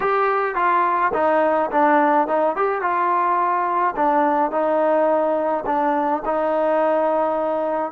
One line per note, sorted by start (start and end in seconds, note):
0.00 0.55 G4
0.55 1.11 F4
1.13 1.70 D#4
1.71 2.27 D4
2.27 2.55 D#4
2.55 2.81 G4
2.81 3.94 F4
3.96 4.51 D4
4.51 5.64 D#4
5.66 6.22 D4
6.25 7.92 D#4